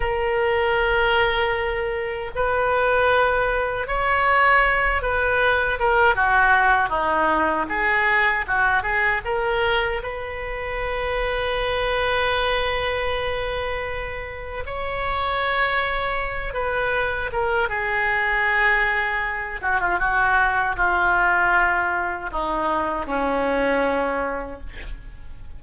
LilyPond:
\new Staff \with { instrumentName = "oboe" } { \time 4/4 \tempo 4 = 78 ais'2. b'4~ | b'4 cis''4. b'4 ais'8 | fis'4 dis'4 gis'4 fis'8 gis'8 | ais'4 b'2.~ |
b'2. cis''4~ | cis''4. b'4 ais'8 gis'4~ | gis'4. fis'16 f'16 fis'4 f'4~ | f'4 dis'4 cis'2 | }